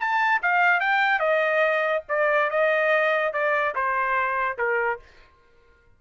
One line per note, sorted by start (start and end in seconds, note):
0.00 0.42 A5
0.42 0.80 F5
0.80 1.20 G5
1.20 2.03 D#5
2.09 2.51 D5
2.51 3.34 D#5
3.34 3.75 D5
3.75 4.58 C5
4.58 5.00 A#4